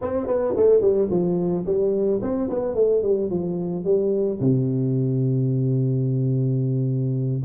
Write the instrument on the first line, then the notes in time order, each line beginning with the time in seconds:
tuba
0.01 C4
0.27 B3
0.56 A3
0.81 G3
1.10 F3
1.66 G3
2.21 C4
2.49 B3
2.74 A3
3.02 G3
3.30 F3
3.84 G3
4.40 C3